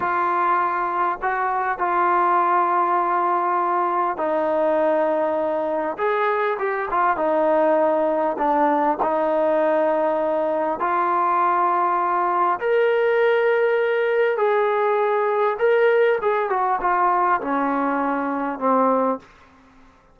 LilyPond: \new Staff \with { instrumentName = "trombone" } { \time 4/4 \tempo 4 = 100 f'2 fis'4 f'4~ | f'2. dis'4~ | dis'2 gis'4 g'8 f'8 | dis'2 d'4 dis'4~ |
dis'2 f'2~ | f'4 ais'2. | gis'2 ais'4 gis'8 fis'8 | f'4 cis'2 c'4 | }